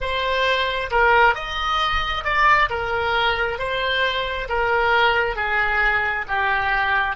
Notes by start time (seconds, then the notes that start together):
0.00 C5
0.90 A#4
1.34 D#5
2.24 D5
2.69 A#4
3.58 C5
4.49 A#4
5.35 G#4
6.27 G4